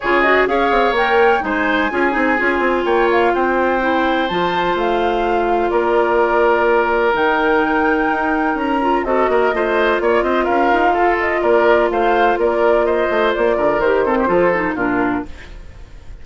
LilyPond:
<<
  \new Staff \with { instrumentName = "flute" } { \time 4/4 \tempo 4 = 126 cis''8 dis''8 f''4 g''4 gis''4~ | gis''2 g''8 f''8 g''4~ | g''4 a''4 f''2 | d''2. g''4~ |
g''2 ais''4 dis''4~ | dis''4 d''8 dis''8 f''4. dis''8 | d''4 f''4 d''4 dis''4 | d''4 c''2 ais'4 | }
  \new Staff \with { instrumentName = "oboe" } { \time 4/4 gis'4 cis''2 c''4 | gis'2 cis''4 c''4~ | c''1 | ais'1~ |
ais'2. a'8 ais'8 | c''4 cis''8 c''8 ais'4 a'4 | ais'4 c''4 ais'4 c''4~ | c''8 ais'4 a'16 g'16 a'4 f'4 | }
  \new Staff \with { instrumentName = "clarinet" } { \time 4/4 f'8 fis'8 gis'4 ais'4 dis'4 | f'8 dis'8 f'2. | e'4 f'2.~ | f'2. dis'4~ |
dis'2~ dis'8 f'8 fis'4 | f'1~ | f'1~ | f'4 g'8 c'8 f'8 dis'8 d'4 | }
  \new Staff \with { instrumentName = "bassoon" } { \time 4/4 cis4 cis'8 c'8 ais4 gis4 | cis'8 c'8 cis'8 c'8 ais4 c'4~ | c'4 f4 a2 | ais2. dis4~ |
dis4 dis'4 cis'4 c'8 ais8 | a4 ais8 c'8 cis'8 dis'8 f'4 | ais4 a4 ais4. a8 | ais8 d8 dis4 f4 ais,4 | }
>>